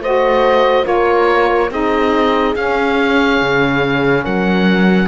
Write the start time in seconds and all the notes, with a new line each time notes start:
0.00 A3 F#4 C5 D#5
0.83 A#3 F4 A#4 C#5
1.71 C4 D#4 G#4 D#5
2.56 C#4 F5
3.41 C#3
4.24 F#3 A#4 F#5